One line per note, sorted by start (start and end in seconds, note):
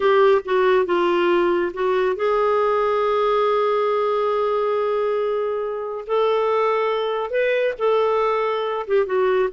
0.00 0.41 G4
0.44 0.85 F#4
0.85 1.72 F4
1.73 2.16 F#4
2.16 6.04 G#4
6.06 7.30 A4
7.30 7.73 B4
7.78 8.86 A4
8.87 9.06 G4
9.06 9.49 F#4